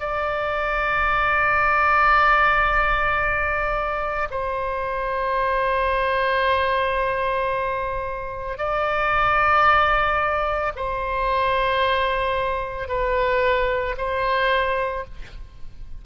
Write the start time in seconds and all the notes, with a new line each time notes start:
0.00 D5
4.31 C5
8.58 D5
10.76 C5
12.89 B4
13.98 C5